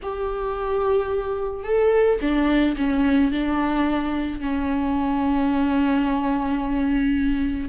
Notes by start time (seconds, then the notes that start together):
0.02 G4
1.64 A4
2.21 D4
2.76 C#4
3.31 D4
4.40 C#4